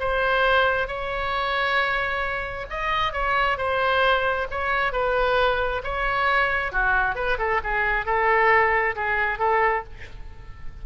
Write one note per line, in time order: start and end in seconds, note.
0.00 0.88 C5
0.88 2.67 C#5
2.70 3.13 D#5
3.13 3.58 C#5
3.58 4.48 C5
4.51 4.93 C#5
4.93 5.82 B4
5.84 6.72 C#5
6.72 7.16 F#4
7.16 7.38 B4
7.39 7.61 A4
7.64 8.06 G#4
8.06 8.95 A4
8.96 9.39 G#4
9.39 9.84 A4